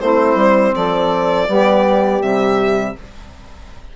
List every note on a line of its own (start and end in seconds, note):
0.00 0.36 A3
0.00 1.49 C4
0.00 0.74 E4
0.00 0.75 C5
0.36 0.73 G3
0.75 1.49 F3
0.75 1.48 A4
0.75 2.23 D5
1.48 2.22 G3
1.48 2.22 B3
1.48 2.96 G4
2.22 2.96 C3
2.22 2.96 G3
2.22 2.97 E5